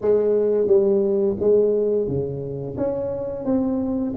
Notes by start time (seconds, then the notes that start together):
0.01 G#3
0.67 G3
1.39 G#3
2.07 C#3
2.77 C#4
3.44 C4